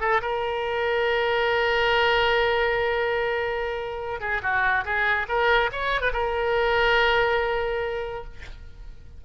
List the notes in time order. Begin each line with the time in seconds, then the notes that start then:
0.00 A4
0.22 A#4
4.20 G#4
4.42 F#4
4.85 G#4
5.28 A#4
5.72 C#5
6.01 B4
6.13 A#4